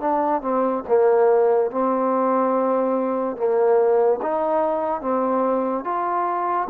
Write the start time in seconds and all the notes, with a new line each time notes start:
0.00 D4
0.41 C4
0.87 A#3
1.70 C4
3.36 A#3
4.22 D#4
5.01 C4
5.84 F4